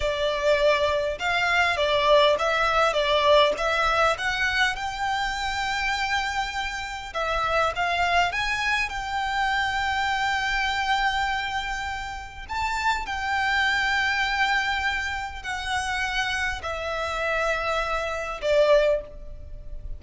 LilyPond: \new Staff \with { instrumentName = "violin" } { \time 4/4 \tempo 4 = 101 d''2 f''4 d''4 | e''4 d''4 e''4 fis''4 | g''1 | e''4 f''4 gis''4 g''4~ |
g''1~ | g''4 a''4 g''2~ | g''2 fis''2 | e''2. d''4 | }